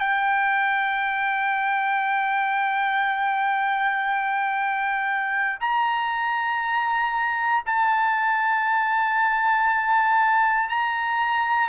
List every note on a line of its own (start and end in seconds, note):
0.00 5.59 G5
5.61 7.64 A#5
7.66 10.70 A5
10.70 11.69 A#5